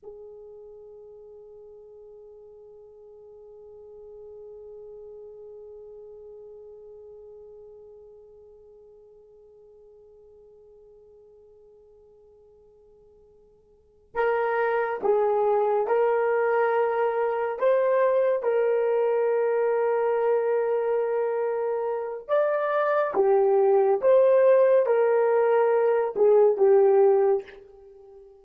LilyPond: \new Staff \with { instrumentName = "horn" } { \time 4/4 \tempo 4 = 70 gis'1~ | gis'1~ | gis'1~ | gis'1~ |
gis'8 ais'4 gis'4 ais'4.~ | ais'8 c''4 ais'2~ ais'8~ | ais'2 d''4 g'4 | c''4 ais'4. gis'8 g'4 | }